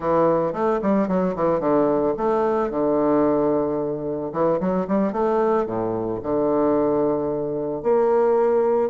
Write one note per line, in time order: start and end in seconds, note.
0.00 0.52 E3
0.53 0.80 A3
0.81 1.07 G3
1.07 1.34 F#3
1.35 1.60 E3
1.60 2.14 D3
2.17 2.70 A3
2.70 4.32 D3
4.32 4.59 E3
4.59 4.86 F#3
4.87 5.12 G3
5.12 5.66 A3
5.66 6.20 A2
6.22 7.82 D3
7.82 8.90 A#3